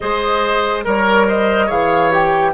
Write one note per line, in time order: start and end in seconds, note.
0.00 0.86 G#3
0.00 0.84 G#4
0.00 0.84 C5
0.00 0.82 D#5
0.84 1.70 G3
0.84 1.26 A#4
0.84 1.68 A#4
0.84 1.28 C#5
1.27 1.66 C5
1.27 1.70 D#5
1.66 2.53 E3
1.66 2.10 G#4
1.66 2.51 C#5
1.66 2.12 F5
2.10 2.52 G4
2.10 2.53 G5